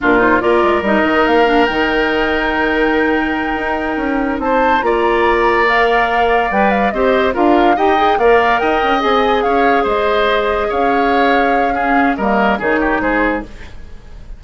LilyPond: <<
  \new Staff \with { instrumentName = "flute" } { \time 4/4 \tempo 4 = 143 ais'8 c''8 d''4 dis''4 f''4 | g''1~ | g''2~ g''8 a''4 ais''8~ | ais''4. f''2 g''8 |
f''8 dis''4 f''4 g''4 f''8~ | f''8 g''4 gis''4 f''4 dis''8~ | dis''4. f''2~ f''8~ | f''4 dis''4 cis''4 c''4 | }
  \new Staff \with { instrumentName = "oboe" } { \time 4/4 f'4 ais'2.~ | ais'1~ | ais'2~ ais'8 c''4 d''8~ | d''1~ |
d''8 c''4 ais'4 dis''4 d''8~ | d''8 dis''2 cis''4 c''8~ | c''4. cis''2~ cis''8 | gis'4 ais'4 gis'8 g'8 gis'4 | }
  \new Staff \with { instrumentName = "clarinet" } { \time 4/4 d'8 dis'8 f'4 dis'4. d'8 | dis'1~ | dis'2.~ dis'8 f'8~ | f'4. ais'2 b'8~ |
b'8 g'4 f'4 g'8 gis'8 ais'8~ | ais'4. gis'2~ gis'8~ | gis'1 | cis'4 ais4 dis'2 | }
  \new Staff \with { instrumentName = "bassoon" } { \time 4/4 ais,4 ais8 gis8 g8 dis8 ais4 | dis1~ | dis8 dis'4 cis'4 c'4 ais8~ | ais2.~ ais8 g8~ |
g8 c'4 d'4 dis'4 ais8~ | ais8 dis'8 cis'8 c'4 cis'4 gis8~ | gis4. cis'2~ cis'8~ | cis'4 g4 dis4 gis4 | }
>>